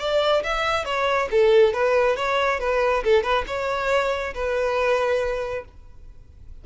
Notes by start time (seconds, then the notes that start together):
0.00 D5
0.44 E5
0.86 C#5
1.31 A4
1.74 B4
2.17 C#5
2.60 B4
3.04 A4
3.24 B4
3.47 C#5
4.35 B4